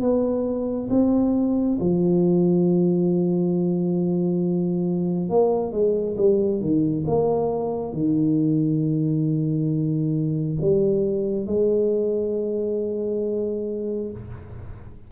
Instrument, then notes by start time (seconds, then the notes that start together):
tuba
0.00 B3
0.89 C4
1.80 F3
5.29 A#3
5.72 G#3
6.17 G3
6.61 D#3
7.07 A#3
7.93 D#3
10.61 G3
11.46 G#3